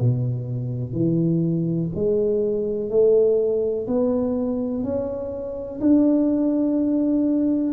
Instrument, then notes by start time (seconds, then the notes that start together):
tuba
0.00 B2
0.92 E3
1.95 G#3
2.89 A3
3.87 B3
4.83 C#4
5.81 D4